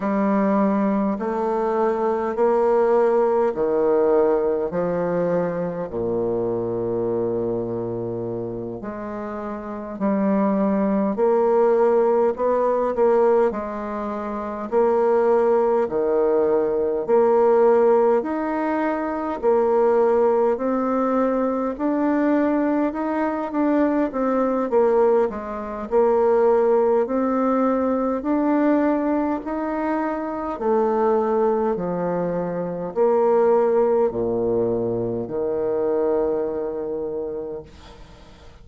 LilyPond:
\new Staff \with { instrumentName = "bassoon" } { \time 4/4 \tempo 4 = 51 g4 a4 ais4 dis4 | f4 ais,2~ ais,8 gis8~ | gis8 g4 ais4 b8 ais8 gis8~ | gis8 ais4 dis4 ais4 dis'8~ |
dis'8 ais4 c'4 d'4 dis'8 | d'8 c'8 ais8 gis8 ais4 c'4 | d'4 dis'4 a4 f4 | ais4 ais,4 dis2 | }